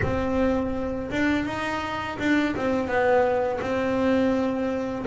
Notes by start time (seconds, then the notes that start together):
0.02 C4
1.10 D4
1.45 D#4
2.19 D4
2.56 C4
2.87 B3
3.60 C4